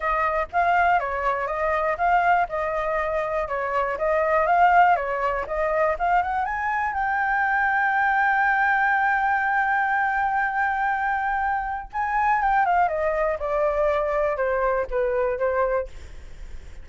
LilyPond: \new Staff \with { instrumentName = "flute" } { \time 4/4 \tempo 4 = 121 dis''4 f''4 cis''4 dis''4 | f''4 dis''2 cis''4 | dis''4 f''4 cis''4 dis''4 | f''8 fis''8 gis''4 g''2~ |
g''1~ | g''1 | gis''4 g''8 f''8 dis''4 d''4~ | d''4 c''4 b'4 c''4 | }